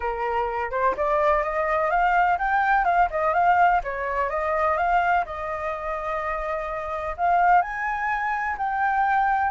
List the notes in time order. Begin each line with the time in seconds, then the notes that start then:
0.00 A#4
0.70 C5
0.97 D5
1.43 D#5
1.90 F5
2.38 G5
2.84 F5
3.10 D#5
3.33 F5
3.83 C#5
4.29 D#5
4.77 F5
5.25 D#5
7.17 F5
7.61 G#5
8.57 G5